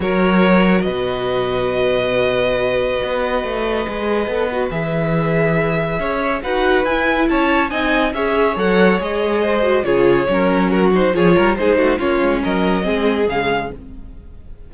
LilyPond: <<
  \new Staff \with { instrumentName = "violin" } { \time 4/4 \tempo 4 = 140 cis''2 dis''2~ | dis''1~ | dis''2. e''4~ | e''2. fis''4 |
gis''4 a''4 gis''4 e''4 | fis''4 dis''2 cis''4~ | cis''4 ais'8 c''8 cis''4 c''4 | cis''4 dis''2 f''4 | }
  \new Staff \with { instrumentName = "violin" } { \time 4/4 ais'2 b'2~ | b'1~ | b'1~ | b'2 cis''4 b'4~ |
b'4 cis''4 dis''4 cis''4~ | cis''2 c''4 gis'4 | ais'4 fis'4 gis'8 ais'8 gis'8 fis'8 | f'4 ais'4 gis'2 | }
  \new Staff \with { instrumentName = "viola" } { \time 4/4 fis'1~ | fis'1~ | fis'4 gis'4 a'8 fis'8 gis'4~ | gis'2. fis'4 |
e'2 dis'4 gis'4 | a'4 gis'4. fis'8 f'4 | cis'4. dis'8 f'4 dis'4 | cis'2 c'4 gis4 | }
  \new Staff \with { instrumentName = "cello" } { \time 4/4 fis2 b,2~ | b,2. b4 | a4 gis4 b4 e4~ | e2 cis'4 dis'4 |
e'4 cis'4 c'4 cis'4 | fis4 gis2 cis4 | fis2 f8 g8 gis8 a8 | ais8 gis8 fis4 gis4 cis4 | }
>>